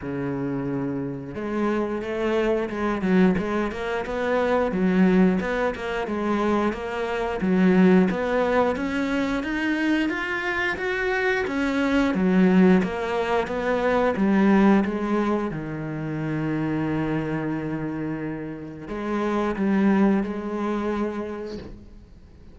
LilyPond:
\new Staff \with { instrumentName = "cello" } { \time 4/4 \tempo 4 = 89 cis2 gis4 a4 | gis8 fis8 gis8 ais8 b4 fis4 | b8 ais8 gis4 ais4 fis4 | b4 cis'4 dis'4 f'4 |
fis'4 cis'4 fis4 ais4 | b4 g4 gis4 dis4~ | dis1 | gis4 g4 gis2 | }